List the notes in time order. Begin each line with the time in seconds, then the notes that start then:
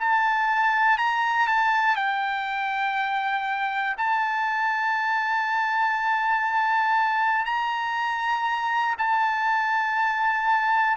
0.00 A5
0.98 A#5
1.48 A5
1.96 G5
3.98 A5
7.46 A#5
8.99 A5